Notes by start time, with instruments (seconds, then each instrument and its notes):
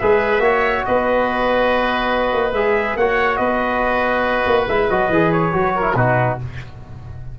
0.00 tuba G#3, trombone G#4, oboe B4, trumpet E5
0.40 tuba A#3, trombone F#4, oboe C#5
0.86 tuba B3, oboe B4, trumpet D#5
2.33 tuba A#3
2.53 tuba G#3, trombone G#4, trumpet E5
2.97 tuba A#3, trombone F#4, oboe C#5, trumpet F#5
3.37 tuba B3, oboe B4, trumpet D#5
4.47 tuba A#3
4.68 tuba G#3, trombone E4, trumpet E5
4.90 tuba F#3, trombone F#4, trumpet D#5
5.10 tuba E3, trombone G#4
5.33 trumpet C#5
5.53 tuba F#3, trombone F#4
5.76 trombone E4, oboe A#4
5.95 tuba B2, trombone D#4, oboe F#4, trumpet B4